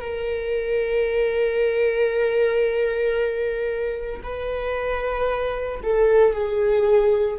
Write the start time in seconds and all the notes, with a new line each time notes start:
0.00 A#4
4.22 B4
5.83 A4
6.33 G#4